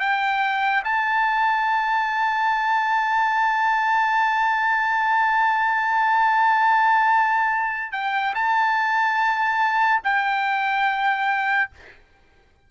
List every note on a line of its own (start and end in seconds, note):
0.00 0.83 G5
0.84 7.92 A5
7.92 8.34 G5
8.35 10.02 A5
10.04 11.70 G5